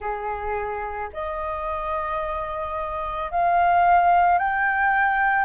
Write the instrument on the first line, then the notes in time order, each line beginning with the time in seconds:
flute
0.00 G#4
1.13 D#5
3.31 F5
4.38 G5